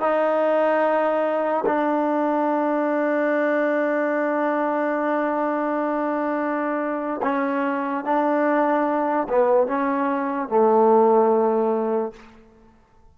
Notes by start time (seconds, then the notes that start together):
0.00 D#4
1.66 D4
7.23 C#4
8.04 D4
9.29 B3
9.67 C#4
10.49 A3